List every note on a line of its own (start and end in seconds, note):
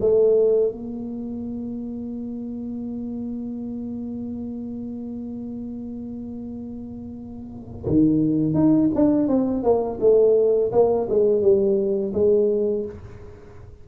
0.00 0.71 A3
0.71 7.85 A#3
7.86 8.54 D#3
8.54 8.89 D#4
8.94 9.27 D4
9.27 9.63 C4
9.63 9.99 A#3
10.00 10.71 A3
10.72 11.07 A#3
11.09 11.41 G#3
11.41 12.13 G3
12.13 12.85 G#3